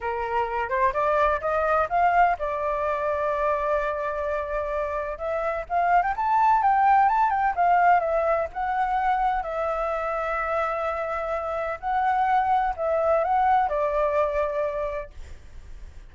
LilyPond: \new Staff \with { instrumentName = "flute" } { \time 4/4 \tempo 4 = 127 ais'4. c''8 d''4 dis''4 | f''4 d''2.~ | d''2. e''4 | f''8. g''16 a''4 g''4 a''8 g''8 |
f''4 e''4 fis''2 | e''1~ | e''4 fis''2 e''4 | fis''4 d''2. | }